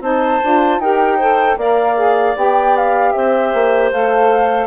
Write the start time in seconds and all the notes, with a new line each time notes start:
0.00 C4 D#4 C5 A5
0.43 D4 F4
0.78 D#4 G4 A#4 G5
1.17 A4 C5
1.57 A#3 A#4 D5 F5
1.96 G#4
2.36 B3 G4 G5
2.77 F5
3.12 C4 C5 E5
3.54 A#3
3.92 A3 A4 F5